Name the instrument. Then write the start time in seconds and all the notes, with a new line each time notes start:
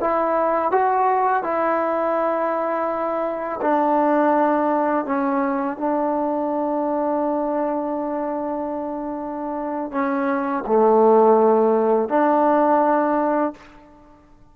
trombone
0.00 E4
0.71 F#4
1.43 E4
3.61 D4
5.05 C#4
5.77 D4
9.91 C#4
10.66 A3
12.09 D4